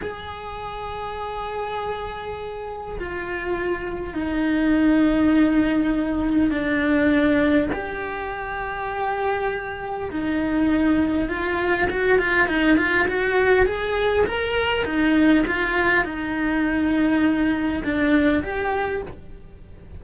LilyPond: \new Staff \with { instrumentName = "cello" } { \time 4/4 \tempo 4 = 101 gis'1~ | gis'4 f'2 dis'4~ | dis'2. d'4~ | d'4 g'2.~ |
g'4 dis'2 f'4 | fis'8 f'8 dis'8 f'8 fis'4 gis'4 | ais'4 dis'4 f'4 dis'4~ | dis'2 d'4 g'4 | }